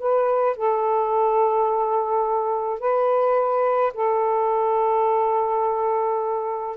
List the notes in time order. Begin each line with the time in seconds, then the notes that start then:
0.00 B4
0.57 A4
2.80 B4
3.94 A4